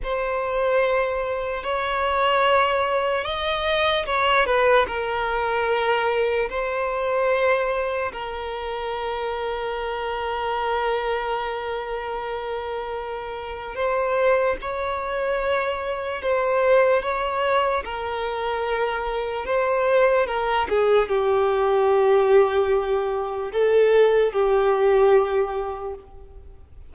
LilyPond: \new Staff \with { instrumentName = "violin" } { \time 4/4 \tempo 4 = 74 c''2 cis''2 | dis''4 cis''8 b'8 ais'2 | c''2 ais'2~ | ais'1~ |
ais'4 c''4 cis''2 | c''4 cis''4 ais'2 | c''4 ais'8 gis'8 g'2~ | g'4 a'4 g'2 | }